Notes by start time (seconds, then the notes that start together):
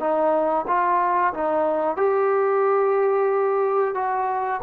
0.00 D#4
0.68 F4
1.34 D#4
1.97 G4
3.95 F#4